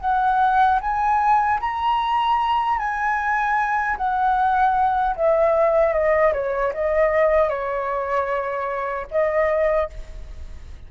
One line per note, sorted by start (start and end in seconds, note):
0.00 0.79 F#5
0.80 1.59 G#5
1.60 2.78 A#5
2.78 3.97 G#5
3.97 5.15 F#5
5.15 5.93 E5
5.93 6.32 D#5
6.33 6.72 C#5
6.73 7.49 D#5
7.49 9.06 C#5
9.10 9.89 D#5